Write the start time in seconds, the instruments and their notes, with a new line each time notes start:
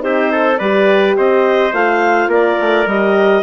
0.00 bassoon C4, horn D#4, trumpet G4, clarinet C5
0.32 trumpet A4
0.58 bassoon G3, horn G4, trumpet B4, clarinet D5
1.17 bassoon C4, trumpet C5, clarinet D#5
1.73 bassoon A3, horn F4, clarinet F5
2.28 bassoon A#3, trumpet A#4, clarinet D5
2.60 bassoon A3
2.86 bassoon G3, horn G4, clarinet D#5